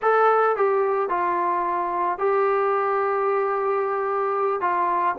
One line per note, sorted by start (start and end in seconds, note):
0.01 0.56 A4
0.56 1.09 G4
1.09 2.18 F4
2.18 4.60 G4
4.60 5.15 F4